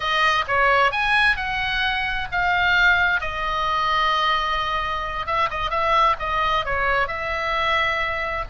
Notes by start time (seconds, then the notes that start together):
0.00 D#5
0.47 C#5
0.91 G#5
1.36 F#5
2.31 F5
3.20 D#5
5.26 E5
5.50 D#5
5.70 E5
6.19 D#5
6.65 C#5
7.07 E5